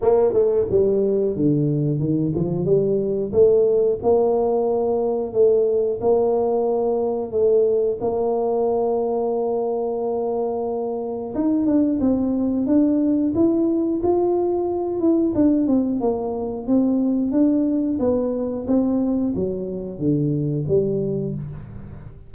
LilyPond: \new Staff \with { instrumentName = "tuba" } { \time 4/4 \tempo 4 = 90 ais8 a8 g4 d4 dis8 f8 | g4 a4 ais2 | a4 ais2 a4 | ais1~ |
ais4 dis'8 d'8 c'4 d'4 | e'4 f'4. e'8 d'8 c'8 | ais4 c'4 d'4 b4 | c'4 fis4 d4 g4 | }